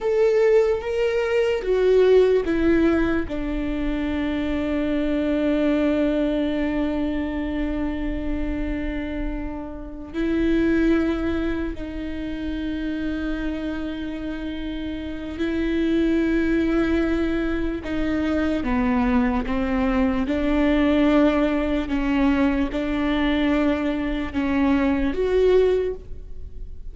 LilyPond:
\new Staff \with { instrumentName = "viola" } { \time 4/4 \tempo 4 = 74 a'4 ais'4 fis'4 e'4 | d'1~ | d'1~ | d'8 e'2 dis'4.~ |
dis'2. e'4~ | e'2 dis'4 b4 | c'4 d'2 cis'4 | d'2 cis'4 fis'4 | }